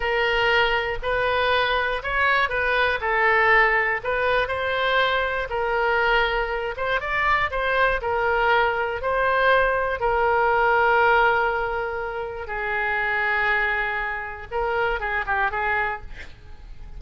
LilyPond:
\new Staff \with { instrumentName = "oboe" } { \time 4/4 \tempo 4 = 120 ais'2 b'2 | cis''4 b'4 a'2 | b'4 c''2 ais'4~ | ais'4. c''8 d''4 c''4 |
ais'2 c''2 | ais'1~ | ais'4 gis'2.~ | gis'4 ais'4 gis'8 g'8 gis'4 | }